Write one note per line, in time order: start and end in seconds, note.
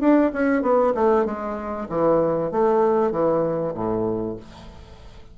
0.00 0.31 D4
0.33 0.62 C#4
0.62 0.93 B3
0.94 1.25 A3
1.25 1.88 G#3
1.89 2.51 E3
2.51 3.11 A3
3.11 3.74 E3
3.74 4.36 A2